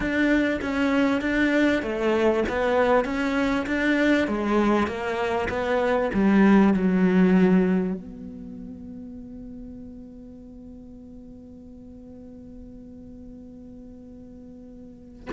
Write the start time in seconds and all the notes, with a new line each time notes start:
0.00 D4
0.61 C#4
1.21 D4
1.82 A3
2.48 B3
3.04 C#4
3.66 D4
4.27 G#3
4.87 A#3
5.49 B3
6.13 G3
6.73 F#3
7.94 B3